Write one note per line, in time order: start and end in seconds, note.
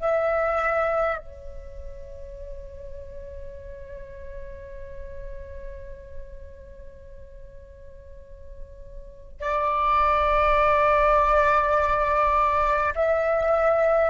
0.00 1.18 E5
1.18 9.41 C#5
9.41 12.94 D5
12.95 14.10 E5